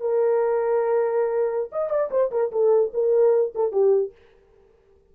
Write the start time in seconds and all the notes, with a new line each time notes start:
0.00 A#4
1.72 D#5
1.90 D5
2.11 C5
2.31 A#4
2.51 A4
2.93 A#4
3.55 A4
3.72 G4